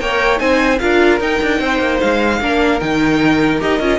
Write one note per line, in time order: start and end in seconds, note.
0.00 0.40 A#3
0.00 0.37 A#4
0.00 0.40 C#5
0.00 0.39 G5
0.37 0.80 C4
0.37 0.77 D#4
0.37 0.80 C5
0.37 0.79 G#5
0.79 1.20 D4
0.79 1.20 F4
0.79 1.60 A#4
0.79 1.19 F5
1.20 1.40 D#4
1.20 2.40 D#4
1.20 2.00 G5
1.42 1.60 D4
1.60 1.79 C4
1.60 2.40 C5
1.79 1.99 A#3
2.00 2.41 G#3
2.00 2.80 F5
2.41 2.81 A#3
2.41 2.81 D4
2.41 3.99 A#4
2.80 3.61 D#3
2.80 3.59 D#4
2.80 3.60 G5
3.59 3.80 D#4
3.59 3.79 G4
3.59 3.99 D#5
3.80 3.99 C#4
3.80 3.99 F4